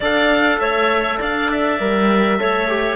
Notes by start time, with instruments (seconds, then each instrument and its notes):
0.00 cello D4, trombone A4, clarinet D5, oboe F5
0.59 cello A3, clarinet C#5, oboe E5
1.18 cello D4, clarinet D5, oboe F5
1.51 oboe E5
1.79 cello G3, trombone A#4
2.38 cello A3, trombone A4, clarinet C#5
2.68 trombone G4